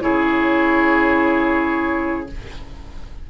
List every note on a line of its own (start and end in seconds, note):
0.00 2.30 C#3
0.00 2.26 E4
0.00 2.29 G#4
0.00 2.26 C#5